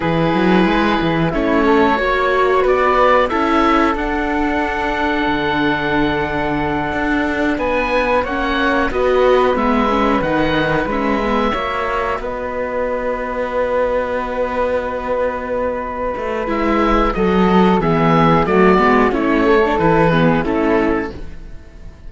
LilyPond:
<<
  \new Staff \with { instrumentName = "oboe" } { \time 4/4 \tempo 4 = 91 b'2 cis''2 | d''4 e''4 fis''2~ | fis''2.~ fis''8 gis''8~ | gis''8 fis''4 dis''4 e''4 fis''8~ |
fis''8 e''2 dis''4.~ | dis''1~ | dis''4 e''4 dis''4 e''4 | d''4 cis''4 b'4 a'4 | }
  \new Staff \with { instrumentName = "flute" } { \time 4/4 gis'2 e'8 a'8 cis''4 | b'4 a'2.~ | a'2.~ a'8 b'8~ | b'8 cis''4 b'2~ b'8~ |
b'4. cis''4 b'4.~ | b'1~ | b'2 a'4 gis'4 | fis'4 e'8 a'4 gis'8 e'4 | }
  \new Staff \with { instrumentName = "viola" } { \time 4/4 e'2 cis'4 fis'4~ | fis'4 e'4 d'2~ | d'1~ | d'8 cis'4 fis'4 b8 cis'8 dis'8~ |
dis'8 cis'8 b8 fis'2~ fis'8~ | fis'1~ | fis'4 e'4 fis'4 b4 | a8 b8 cis'8. d'16 e'8 b8 cis'4 | }
  \new Staff \with { instrumentName = "cello" } { \time 4/4 e8 fis8 gis8 e8 a4 ais4 | b4 cis'4 d'2 | d2~ d8 d'4 b8~ | b8 ais4 b4 gis4 dis8~ |
dis8 gis4 ais4 b4.~ | b1~ | b8 a8 gis4 fis4 e4 | fis8 gis8 a4 e4 a4 | }
>>